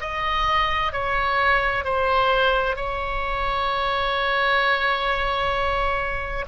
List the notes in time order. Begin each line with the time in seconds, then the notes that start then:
0.00 D#5
0.92 C#5
1.84 C5
2.76 C#5